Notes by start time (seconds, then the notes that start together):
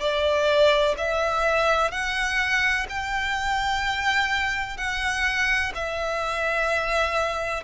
0.00 D5
0.98 E5
1.91 F#5
2.89 G5
4.77 F#5
5.75 E5